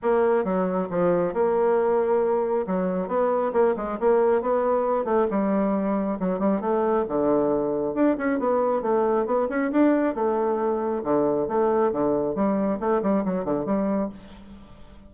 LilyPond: \new Staff \with { instrumentName = "bassoon" } { \time 4/4 \tempo 4 = 136 ais4 fis4 f4 ais4~ | ais2 fis4 b4 | ais8 gis8 ais4 b4. a8 | g2 fis8 g8 a4 |
d2 d'8 cis'8 b4 | a4 b8 cis'8 d'4 a4~ | a4 d4 a4 d4 | g4 a8 g8 fis8 d8 g4 | }